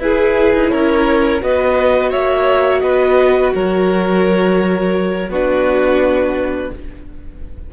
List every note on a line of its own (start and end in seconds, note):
0.00 0.53 E4
0.00 1.42 E4
0.00 0.72 G#4
0.00 0.71 B4
0.54 0.72 D#4
0.71 1.42 C#4
0.71 1.43 A#4
0.71 1.41 C#5
1.42 2.13 B3
1.42 5.30 F#4
1.42 2.10 B4
1.42 2.11 D#5
2.10 2.82 A#3
2.10 2.81 C#5
2.10 2.81 E5
2.81 3.53 B3
2.81 3.54 B4
2.81 3.51 D#5
3.55 5.30 F#3
3.55 5.30 A#4
3.55 5.32 C#5
5.30 6.71 B3
5.30 6.74 D4
5.30 6.71 F#4
5.30 6.74 B4